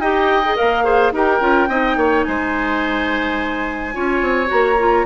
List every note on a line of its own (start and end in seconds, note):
0.00 0.56 D#4
0.00 0.44 G4
0.00 0.84 D#5
0.00 0.56 G5
0.45 0.56 G#4
0.56 1.12 A#3
0.56 0.84 A#4
0.56 1.13 F5
0.84 1.12 G#4
0.84 1.12 C5
1.12 1.40 D#4
1.12 1.41 G4
1.12 1.69 A#4
1.12 2.24 G5
1.40 1.68 C#4
1.40 1.69 F4
1.69 1.97 C4
1.69 3.94 D#4
1.69 1.97 D#5
1.97 2.25 A#3
1.97 2.26 C#5
2.24 3.96 G#3
2.24 3.95 C5
2.24 4.48 G#5
3.94 4.22 C#4
3.94 4.47 F4
3.94 5.06 C#5
4.22 4.50 C4
4.47 5.06 A#3
4.47 4.75 F#4
4.47 5.06 A#5
4.79 5.06 F4